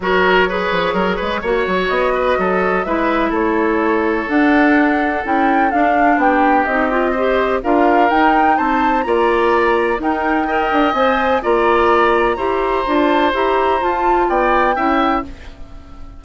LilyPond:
<<
  \new Staff \with { instrumentName = "flute" } { \time 4/4 \tempo 4 = 126 cis''1 | dis''2 e''4 cis''4~ | cis''4 fis''2 g''4 | f''4 g''4 dis''2 |
f''4 g''4 a''4 ais''4~ | ais''4 g''2 gis''4 | ais''2.~ ais''16 a''8. | ais''4 a''4 g''2 | }
  \new Staff \with { instrumentName = "oboe" } { \time 4/4 ais'4 b'4 ais'8 b'8 cis''4~ | cis''8 b'8 a'4 b'4 a'4~ | a'1~ | a'4 g'2 c''4 |
ais'2 c''4 d''4~ | d''4 ais'4 dis''2 | d''2 c''2~ | c''2 d''4 e''4 | }
  \new Staff \with { instrumentName = "clarinet" } { \time 4/4 fis'4 gis'2 fis'4~ | fis'2 e'2~ | e'4 d'2 e'4 | d'2 dis'8 f'8 g'4 |
f'4 dis'2 f'4~ | f'4 dis'4 ais'4 c''4 | f'2 g'4 f'4 | g'4 f'2 e'4 | }
  \new Staff \with { instrumentName = "bassoon" } { \time 4/4 fis4. f8 fis8 gis8 ais8 fis8 | b4 fis4 gis4 a4~ | a4 d'2 cis'4 | d'4 b4 c'2 |
d'4 dis'4 c'4 ais4~ | ais4 dis'4. d'8 c'4 | ais2 e'4 d'4 | e'4 f'4 b4 cis'4 | }
>>